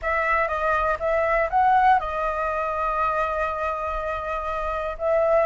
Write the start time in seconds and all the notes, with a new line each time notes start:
0.01 E5
0.48 D#5
0.99 E5
1.50 F#5
1.99 D#5
4.98 E5